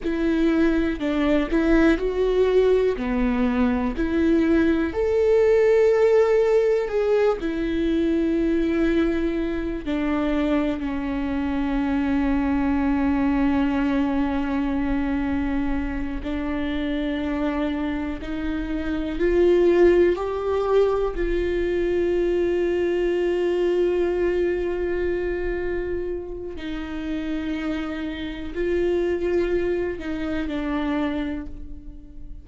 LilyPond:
\new Staff \with { instrumentName = "viola" } { \time 4/4 \tempo 4 = 61 e'4 d'8 e'8 fis'4 b4 | e'4 a'2 gis'8 e'8~ | e'2 d'4 cis'4~ | cis'1~ |
cis'8 d'2 dis'4 f'8~ | f'8 g'4 f'2~ f'8~ | f'2. dis'4~ | dis'4 f'4. dis'8 d'4 | }